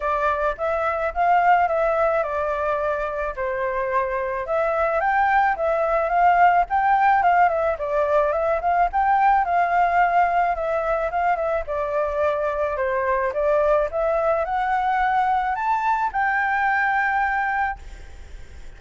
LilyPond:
\new Staff \with { instrumentName = "flute" } { \time 4/4 \tempo 4 = 108 d''4 e''4 f''4 e''4 | d''2 c''2 | e''4 g''4 e''4 f''4 | g''4 f''8 e''8 d''4 e''8 f''8 |
g''4 f''2 e''4 | f''8 e''8 d''2 c''4 | d''4 e''4 fis''2 | a''4 g''2. | }